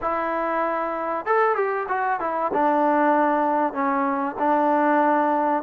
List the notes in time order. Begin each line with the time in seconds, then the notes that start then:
0.01 E4
1.25 A4
1.55 G4
1.88 F#4
2.20 E4
2.53 D4
3.73 C#4
4.38 D4